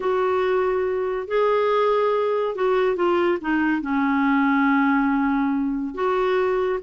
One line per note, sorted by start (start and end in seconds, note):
0.00 1.27 F#4
1.27 2.55 G#4
2.55 2.96 F#4
2.96 3.38 F4
3.41 3.81 D#4
3.81 5.94 C#4
5.94 6.79 F#4